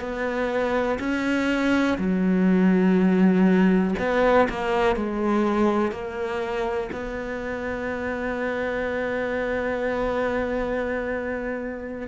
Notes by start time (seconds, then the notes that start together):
0.00 B3
0.99 C#4
1.98 F#3
3.99 B3
4.49 A#3
4.96 G#3
5.92 A#3
6.92 B3